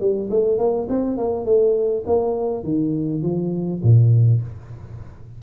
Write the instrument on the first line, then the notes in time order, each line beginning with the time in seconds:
tuba
0.00 G3
0.30 A3
0.58 A#3
0.89 C4
1.17 A#3
1.45 A3
2.06 A#3
2.63 D#3
3.22 F3
3.82 A#2